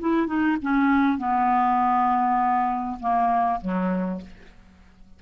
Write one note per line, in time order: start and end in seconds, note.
0.00 0.27 E4
0.27 0.57 D#4
0.62 1.18 C#4
1.18 2.98 B3
3.00 3.60 A#3
3.61 4.21 F#3